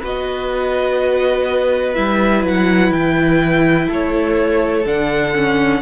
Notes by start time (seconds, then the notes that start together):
0.00 B3 F#4 B4 D#5
1.95 G3 E4 E5
2.43 F#3 F#5
2.91 E3 G5
3.89 A3 A4 C#5
4.86 D3 D4 F#5
5.35 C#4